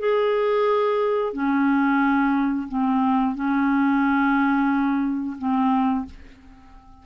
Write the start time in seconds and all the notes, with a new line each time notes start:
0.00 G#4
1.34 C#4
2.68 C4
3.36 C#4
5.39 C4